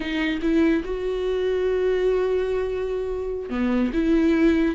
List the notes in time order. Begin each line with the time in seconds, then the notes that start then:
0.00 D#4
0.42 E4
0.84 F#4
3.49 B3
3.93 E4